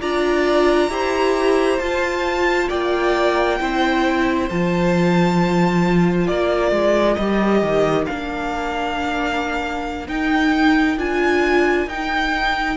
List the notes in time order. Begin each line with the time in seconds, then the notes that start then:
0.00 D4 F4 D5 A#5
0.89 E4 G4 C5
1.79 F4 A5
2.68 A#3 D5 G5
3.60 C4 E4 C5
4.50 F3 F4 A5
6.25 A#3 A#4 D5
6.71 G#3
7.15 G3 G4 D#5
7.62 D#3
8.06 A#3 D4 F5
10.08 D#4 G5
10.97 D4 F4 G#5
11.87 D#4 G5